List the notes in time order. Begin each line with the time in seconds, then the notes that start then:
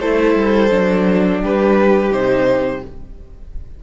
0.00 A3 E4 A4 C5
0.35 G3
0.70 F#3 D4
1.41 G3 G4 B4
2.10 C3 D#4 C5